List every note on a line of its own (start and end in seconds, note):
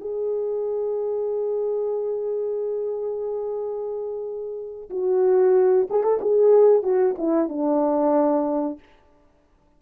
0.00 4.89 G#4
4.90 5.88 F#4
5.90 6.03 G#4
6.03 6.19 A4
6.21 6.82 G#4
6.82 7.15 F#4
7.18 7.49 E4
7.49 8.79 D4